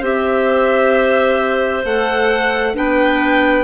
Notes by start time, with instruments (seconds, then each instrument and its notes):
0.00 bassoon C4, clarinet G4 C5, violin E5
1.84 bassoon A3, clarinet A4, violin F#5
2.74 bassoon B3, clarinet D4 B4, violin G5